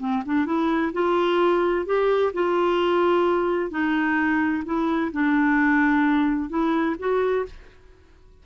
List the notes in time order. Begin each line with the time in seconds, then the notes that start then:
0.00 C4
0.26 D4
0.46 E4
0.93 F4
1.86 G4
2.34 F4
3.71 D#4
4.65 E4
5.12 D4
6.50 E4
6.99 F#4